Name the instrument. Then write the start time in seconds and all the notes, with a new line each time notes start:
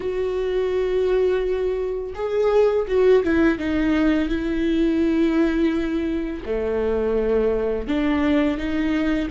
viola
0.00 F#4
2.14 G#4
2.87 F#4
3.23 E4
3.58 D#4
4.29 E4
6.44 A3
7.87 D4
8.57 D#4